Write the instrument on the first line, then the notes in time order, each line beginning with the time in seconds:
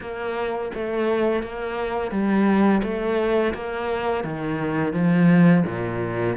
cello
0.01 A#3
0.74 A3
1.42 A#3
2.11 G3
2.83 A3
3.54 A#3
4.24 D#3
4.93 F3
5.66 A#2